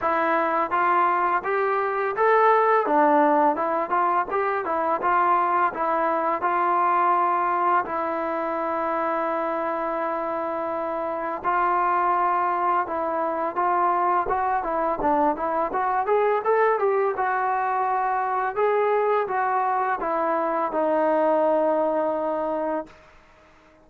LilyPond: \new Staff \with { instrumentName = "trombone" } { \time 4/4 \tempo 4 = 84 e'4 f'4 g'4 a'4 | d'4 e'8 f'8 g'8 e'8 f'4 | e'4 f'2 e'4~ | e'1 |
f'2 e'4 f'4 | fis'8 e'8 d'8 e'8 fis'8 gis'8 a'8 g'8 | fis'2 gis'4 fis'4 | e'4 dis'2. | }